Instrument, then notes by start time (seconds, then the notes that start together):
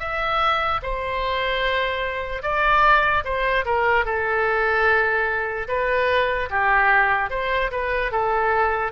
oboe
0.00 E5
0.83 C5
2.43 D5
3.25 C5
3.66 A#4
4.06 A4
5.68 B4
6.50 G4
7.30 C5
7.71 B4
8.12 A4